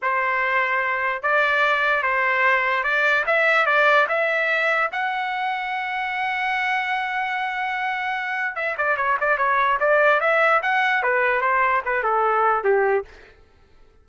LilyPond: \new Staff \with { instrumentName = "trumpet" } { \time 4/4 \tempo 4 = 147 c''2. d''4~ | d''4 c''2 d''4 | e''4 d''4 e''2 | fis''1~ |
fis''1~ | fis''4 e''8 d''8 cis''8 d''8 cis''4 | d''4 e''4 fis''4 b'4 | c''4 b'8 a'4. g'4 | }